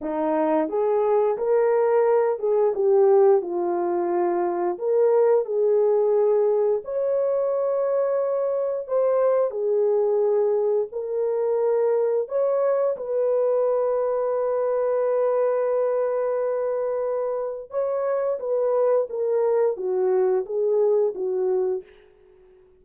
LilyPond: \new Staff \with { instrumentName = "horn" } { \time 4/4 \tempo 4 = 88 dis'4 gis'4 ais'4. gis'8 | g'4 f'2 ais'4 | gis'2 cis''2~ | cis''4 c''4 gis'2 |
ais'2 cis''4 b'4~ | b'1~ | b'2 cis''4 b'4 | ais'4 fis'4 gis'4 fis'4 | }